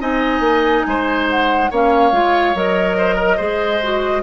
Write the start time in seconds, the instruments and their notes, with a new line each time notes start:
0.00 bassoon C4, clarinet D#4, oboe D#5, flute G#5
0.40 bassoon A#3
0.86 bassoon G#3, oboe C5
1.29 flute F#5
1.70 bassoon A#3, clarinet C#4, oboe C#5, flute F5
2.12 bassoon G#3, clarinet F4
2.54 bassoon F#3, clarinet A#4, flute D#5
2.97 oboe C5
3.15 oboe A#4
3.37 bassoon G#3, clarinet G#4, oboe C5
3.83 clarinet F#4